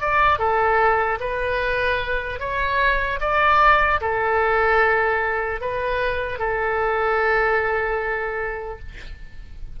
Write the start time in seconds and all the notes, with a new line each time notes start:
0.00 D5
0.38 A4
1.20 B4
2.39 C#5
3.20 D5
4.00 A4
5.60 B4
6.38 A4